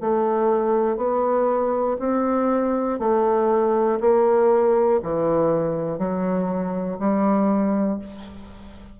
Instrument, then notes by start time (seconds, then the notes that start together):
bassoon
0.00 A3
0.96 B3
1.99 C4
2.99 A3
4.00 A#3
5.03 E3
5.98 F#3
6.98 G3